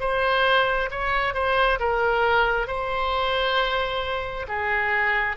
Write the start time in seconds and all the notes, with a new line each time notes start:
0.00 C5
0.91 C#5
1.34 C5
1.80 A#4
2.67 C5
4.48 G#4